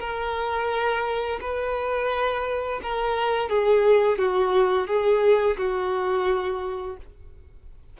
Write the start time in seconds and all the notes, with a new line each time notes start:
0.00 A#4
1.41 B4
2.83 A#4
3.49 G#4
4.18 F#4
4.87 G#4
5.57 F#4